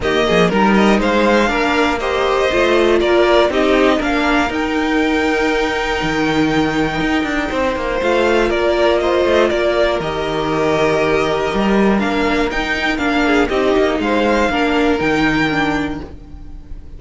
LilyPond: <<
  \new Staff \with { instrumentName = "violin" } { \time 4/4 \tempo 4 = 120 dis''4 ais'8 dis''8 f''2 | dis''2 d''4 dis''4 | f''4 g''2.~ | g''1 |
f''4 d''4 dis''4 d''4 | dis''1 | f''4 g''4 f''4 dis''4 | f''2 g''2 | }
  \new Staff \with { instrumentName = "violin" } { \time 4/4 g'8 gis'8 ais'4 c''4 ais'4 | c''2 ais'4 g'4 | ais'1~ | ais'2. c''4~ |
c''4 ais'4 c''4 ais'4~ | ais'1~ | ais'2~ ais'8 gis'8 g'4 | c''4 ais'2. | }
  \new Staff \with { instrumentName = "viola" } { \time 4/4 ais4 dis'2 d'4 | g'4 f'2 dis'4 | d'4 dis'2.~ | dis'1 |
f'1 | g'1 | d'4 dis'4 d'4 dis'4~ | dis'4 d'4 dis'4 d'4 | }
  \new Staff \with { instrumentName = "cello" } { \time 4/4 dis8 f8 g4 gis4 ais4~ | ais4 a4 ais4 c'4 | ais4 dis'2. | dis2 dis'8 d'8 c'8 ais8 |
a4 ais4. a8 ais4 | dis2. g4 | ais4 dis'4 ais4 c'8 ais8 | gis4 ais4 dis2 | }
>>